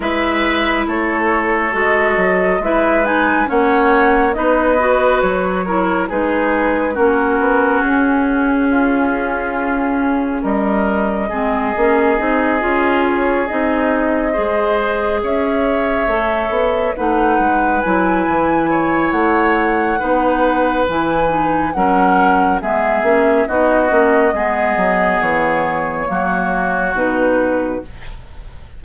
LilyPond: <<
  \new Staff \with { instrumentName = "flute" } { \time 4/4 \tempo 4 = 69 e''4 cis''4 dis''4 e''8 gis''8 | fis''4 dis''4 cis''4 b'4 | ais'4 gis'2. | dis''2. cis''8 dis''8~ |
dis''4. e''2 fis''8~ | fis''8 gis''4. fis''2 | gis''4 fis''4 e''4 dis''4~ | dis''4 cis''2 b'4 | }
  \new Staff \with { instrumentName = "oboe" } { \time 4/4 b'4 a'2 b'4 | cis''4 b'4. ais'8 gis'4 | fis'2 f'2 | ais'4 gis'2.~ |
gis'8 c''4 cis''2 b'8~ | b'4. cis''4. b'4~ | b'4 ais'4 gis'4 fis'4 | gis'2 fis'2 | }
  \new Staff \with { instrumentName = "clarinet" } { \time 4/4 e'2 fis'4 e'8 dis'8 | cis'4 dis'8 fis'4 e'8 dis'4 | cis'1~ | cis'4 c'8 cis'8 dis'8 f'4 dis'8~ |
dis'8 gis'2 a'4 dis'8~ | dis'8 e'2~ e'8 dis'4 | e'8 dis'8 cis'4 b8 cis'8 dis'8 cis'8 | b2 ais4 dis'4 | }
  \new Staff \with { instrumentName = "bassoon" } { \time 4/4 gis4 a4 gis8 fis8 gis4 | ais4 b4 fis4 gis4 | ais8 b8 cis'2. | g4 gis8 ais8 c'8 cis'4 c'8~ |
c'8 gis4 cis'4 a8 b8 a8 | gis8 fis8 e4 a4 b4 | e4 fis4 gis8 ais8 b8 ais8 | gis8 fis8 e4 fis4 b,4 | }
>>